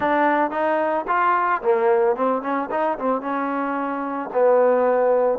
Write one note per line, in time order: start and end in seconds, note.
0.00 0.51 D4
0.51 1.05 D#4
1.07 1.61 F4
1.62 2.16 A#3
2.16 2.42 C4
2.42 2.69 C#4
2.71 2.98 D#4
2.98 3.21 C4
3.21 4.29 C#4
4.33 5.38 B3